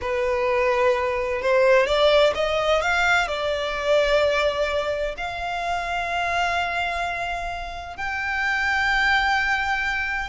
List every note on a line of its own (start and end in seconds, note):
0.01 1.41 B4
1.41 1.86 C5
1.86 2.33 D5
2.34 2.81 D#5
2.81 3.27 F5
3.27 5.15 D5
5.17 7.96 F5
7.96 10.29 G5